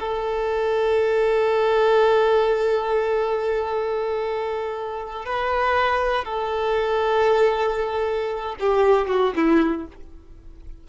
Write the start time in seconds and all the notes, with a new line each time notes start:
0.00 A4
5.26 B4
6.25 A4
8.60 G4
9.08 F#4
9.36 E4